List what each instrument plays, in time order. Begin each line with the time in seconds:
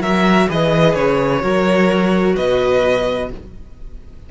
0.00 cello F#3, viola F#4, violin A#4 E5
0.49 cello E3, viola G#4, violin B4 D#5
0.95 cello C#3, violin C#5
1.41 cello F#3, viola F#4, violin A#4
2.36 cello B2, violin B4 D#5